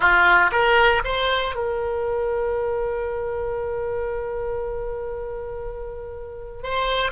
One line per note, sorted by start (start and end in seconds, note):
0.00 0.50 F4
0.51 1.02 A#4
1.04 1.55 C5
1.55 6.63 A#4
6.63 7.11 C5